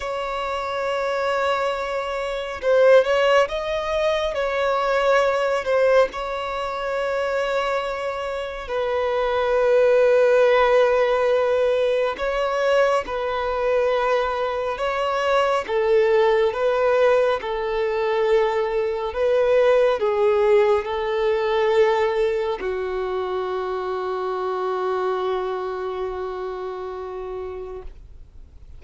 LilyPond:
\new Staff \with { instrumentName = "violin" } { \time 4/4 \tempo 4 = 69 cis''2. c''8 cis''8 | dis''4 cis''4. c''8 cis''4~ | cis''2 b'2~ | b'2 cis''4 b'4~ |
b'4 cis''4 a'4 b'4 | a'2 b'4 gis'4 | a'2 fis'2~ | fis'1 | }